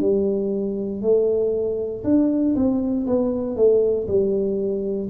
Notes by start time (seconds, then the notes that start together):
0.00 G3
1.02 A3
2.04 D4
2.55 C4
3.06 B3
3.56 A3
4.07 G3